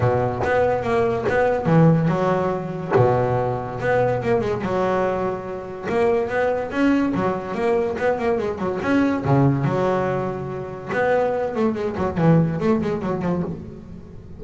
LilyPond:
\new Staff \with { instrumentName = "double bass" } { \time 4/4 \tempo 4 = 143 b,4 b4 ais4 b4 | e4 fis2 b,4~ | b,4 b4 ais8 gis8 fis4~ | fis2 ais4 b4 |
cis'4 fis4 ais4 b8 ais8 | gis8 fis8 cis'4 cis4 fis4~ | fis2 b4. a8 | gis8 fis8 e4 a8 gis8 fis8 f8 | }